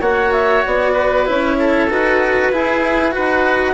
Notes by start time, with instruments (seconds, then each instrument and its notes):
0.00 bassoon A#3, cello F#4, oboe C#5, clarinet F#5
0.32 clarinet E5
0.66 bassoon B3, clarinet D5
0.93 oboe B4
1.26 bassoon C#4, cello E4, clarinet C#5
1.59 oboe A4
1.89 bassoon D#4, cello F#4, clarinet B4
2.52 cello E4, bassoon E4, oboe G#4
3.11 bassoon D#4, cello F#4, oboe B4, clarinet F#5